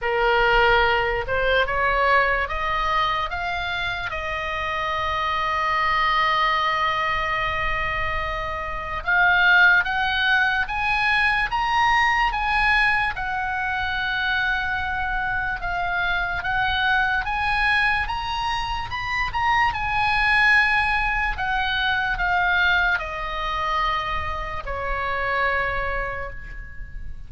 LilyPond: \new Staff \with { instrumentName = "oboe" } { \time 4/4 \tempo 4 = 73 ais'4. c''8 cis''4 dis''4 | f''4 dis''2.~ | dis''2. f''4 | fis''4 gis''4 ais''4 gis''4 |
fis''2. f''4 | fis''4 gis''4 ais''4 b''8 ais''8 | gis''2 fis''4 f''4 | dis''2 cis''2 | }